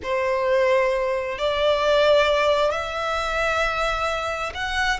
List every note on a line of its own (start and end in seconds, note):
0.02 1.38 C5
1.38 2.71 D5
2.71 4.52 E5
4.54 5.00 F#5